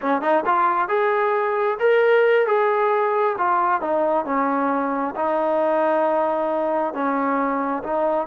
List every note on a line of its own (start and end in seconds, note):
0.01 0.21 C#4
0.21 0.44 D#4
0.45 0.88 F4
0.88 1.78 G#4
1.79 2.46 A#4
2.46 3.36 G#4
3.37 3.81 F4
3.81 4.25 D#4
4.25 5.15 C#4
5.15 6.93 D#4
6.93 7.83 C#4
7.83 8.27 D#4